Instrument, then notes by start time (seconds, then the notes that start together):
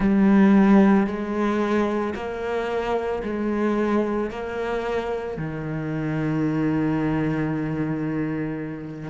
cello
0.00 G3
1.07 G#3
2.15 A#3
3.23 G#3
4.30 A#3
5.37 D#3